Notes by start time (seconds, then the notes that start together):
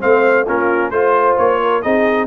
0.00 A3 C4 C5 F5
0.45 A#3 C#4 F4 A#4
0.90 A3 F4 C5
1.37 A#3 C#5
1.61 A#4
1.82 C4 D#4 G#4 D#5